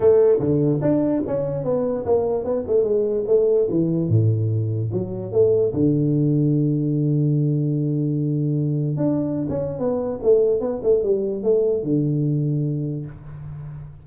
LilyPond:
\new Staff \with { instrumentName = "tuba" } { \time 4/4 \tempo 4 = 147 a4 d4 d'4 cis'4 | b4 ais4 b8 a8 gis4 | a4 e4 a,2 | fis4 a4 d2~ |
d1~ | d2 d'4~ d'16 cis'8. | b4 a4 b8 a8 g4 | a4 d2. | }